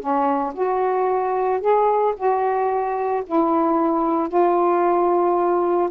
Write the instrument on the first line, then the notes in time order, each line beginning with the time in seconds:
saxophone
0.00 C#4
0.54 F#4
1.61 G#4
2.17 F#4
3.27 E4
4.29 F4